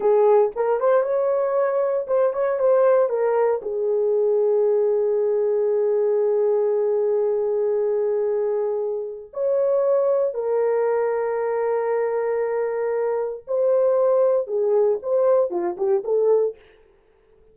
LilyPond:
\new Staff \with { instrumentName = "horn" } { \time 4/4 \tempo 4 = 116 gis'4 ais'8 c''8 cis''2 | c''8 cis''8 c''4 ais'4 gis'4~ | gis'1~ | gis'1~ |
gis'2 cis''2 | ais'1~ | ais'2 c''2 | gis'4 c''4 f'8 g'8 a'4 | }